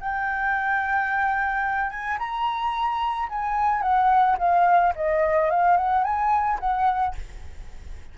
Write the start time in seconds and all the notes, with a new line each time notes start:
0.00 G5
1.90 G#5
2.18 A#5
3.29 G#5
3.82 F#5
4.38 F5
4.95 D#5
5.50 F5
5.77 F#5
6.03 G#5
6.60 F#5